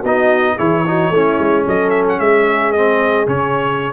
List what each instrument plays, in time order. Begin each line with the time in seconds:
0.00 tuba B3, trombone D#4, horn F#4, trumpet D#5
0.56 tuba E3, trombone E4, horn G#4, trumpet C#5
0.86 trombone D#4, horn F#4
1.10 tuba A3, trombone C#4, horn E4
1.39 tuba G#3
1.66 tuba F#3, horn A4, trumpet D#5
1.90 trumpet E5
2.08 trumpet F#5
2.19 tuba G#3, horn G#4, trumpet E5
2.72 trombone C4, trumpet D#5
3.26 tuba C#3, trombone C#4, trumpet C#5